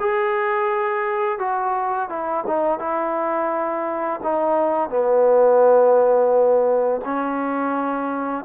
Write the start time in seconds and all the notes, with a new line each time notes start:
0.00 G#4
1.39 F#4
2.09 E4
2.47 D#4
2.79 E4
4.23 D#4
4.89 B3
7.05 C#4